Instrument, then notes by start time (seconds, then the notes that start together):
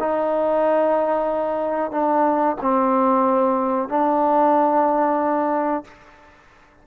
trombone
0.00 D#4
1.91 D4
2.61 C4
3.89 D4